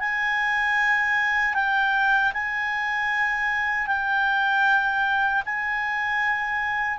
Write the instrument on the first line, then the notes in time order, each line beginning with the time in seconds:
clarinet
0.00 G#5
1.54 G5
2.34 G#5
3.87 G5
5.45 G#5